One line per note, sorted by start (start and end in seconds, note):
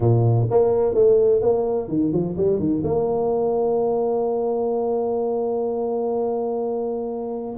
0.00 0.47 A#2
0.50 0.94 A#3
0.94 1.41 A3
1.41 1.88 A#3
1.88 2.12 D#3
2.12 2.36 F3
2.37 2.59 G3
2.59 2.82 D#3
2.83 7.56 A#3